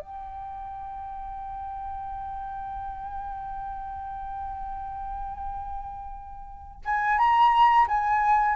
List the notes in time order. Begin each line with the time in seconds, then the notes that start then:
0.00 G5
6.86 G#5
7.18 A#5
7.88 G#5